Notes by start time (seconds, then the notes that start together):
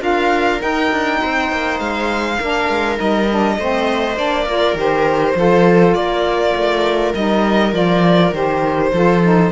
0.00 D4 F4 A#4 F5
0.60 D#4 G5
0.92 D4
1.22 C4 C5
1.52 A#3
1.80 G#3 F5
2.39 A#3 D4 A#4
2.70 G#3
2.97 G3 D#4 D#5
3.30 D4
3.58 A3 C4 C5
4.17 A#3 D4 D5
4.46 F4 A#4
4.75 D#3 G4 C5
5.36 F3 F4 A4
5.94 A#3 A#4 D5
6.55 A3
7.15 G3 D#4 D#5
7.73 F3 F4 D5
8.33 D#3 G4 C5
8.93 F3 F4 A4
9.23 D#4